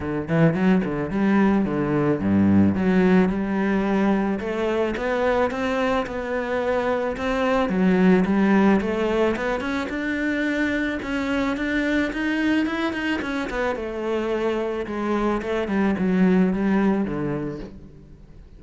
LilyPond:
\new Staff \with { instrumentName = "cello" } { \time 4/4 \tempo 4 = 109 d8 e8 fis8 d8 g4 d4 | g,4 fis4 g2 | a4 b4 c'4 b4~ | b4 c'4 fis4 g4 |
a4 b8 cis'8 d'2 | cis'4 d'4 dis'4 e'8 dis'8 | cis'8 b8 a2 gis4 | a8 g8 fis4 g4 d4 | }